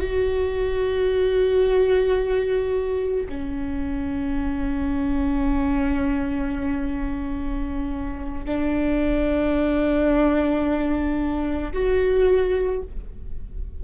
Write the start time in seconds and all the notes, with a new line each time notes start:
0.00 F#4
3.29 C#4
8.45 D4
11.73 F#4